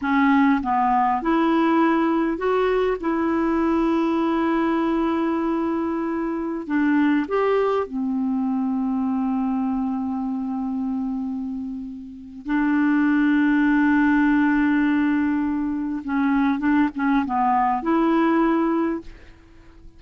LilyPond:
\new Staff \with { instrumentName = "clarinet" } { \time 4/4 \tempo 4 = 101 cis'4 b4 e'2 | fis'4 e'2.~ | e'2.~ e'16 d'8.~ | d'16 g'4 c'2~ c'8.~ |
c'1~ | c'4 d'2.~ | d'2. cis'4 | d'8 cis'8 b4 e'2 | }